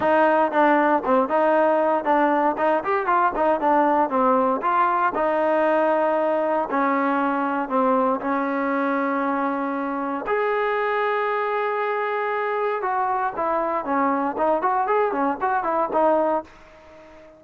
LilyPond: \new Staff \with { instrumentName = "trombone" } { \time 4/4 \tempo 4 = 117 dis'4 d'4 c'8 dis'4. | d'4 dis'8 g'8 f'8 dis'8 d'4 | c'4 f'4 dis'2~ | dis'4 cis'2 c'4 |
cis'1 | gis'1~ | gis'4 fis'4 e'4 cis'4 | dis'8 fis'8 gis'8 cis'8 fis'8 e'8 dis'4 | }